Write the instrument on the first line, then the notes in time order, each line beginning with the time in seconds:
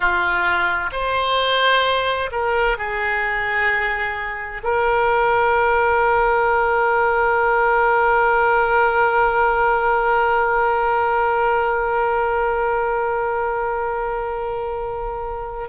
oboe
0.00 F4
0.91 C5
2.31 A#4
2.77 G#4
4.63 A#4